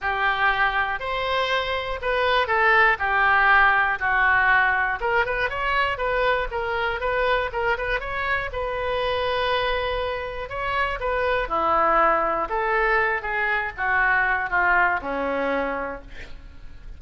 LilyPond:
\new Staff \with { instrumentName = "oboe" } { \time 4/4 \tempo 4 = 120 g'2 c''2 | b'4 a'4 g'2 | fis'2 ais'8 b'8 cis''4 | b'4 ais'4 b'4 ais'8 b'8 |
cis''4 b'2.~ | b'4 cis''4 b'4 e'4~ | e'4 a'4. gis'4 fis'8~ | fis'4 f'4 cis'2 | }